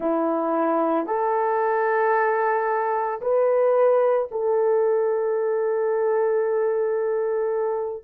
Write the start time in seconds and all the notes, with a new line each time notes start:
0.00 E4
1.06 A4
3.21 B4
4.31 A4